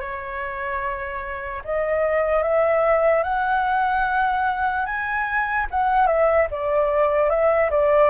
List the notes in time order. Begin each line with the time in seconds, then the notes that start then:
0.00 C#5
1.64 D#5
2.43 E5
3.23 F#5
4.85 G#5
5.71 F#5
6.07 E5
6.50 D5
7.29 E5
7.70 D5